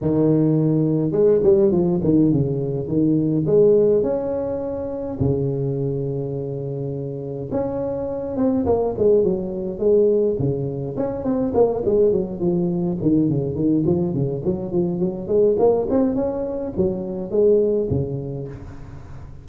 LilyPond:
\new Staff \with { instrumentName = "tuba" } { \time 4/4 \tempo 4 = 104 dis2 gis8 g8 f8 dis8 | cis4 dis4 gis4 cis'4~ | cis'4 cis2.~ | cis4 cis'4. c'8 ais8 gis8 |
fis4 gis4 cis4 cis'8 c'8 | ais8 gis8 fis8 f4 dis8 cis8 dis8 | f8 cis8 fis8 f8 fis8 gis8 ais8 c'8 | cis'4 fis4 gis4 cis4 | }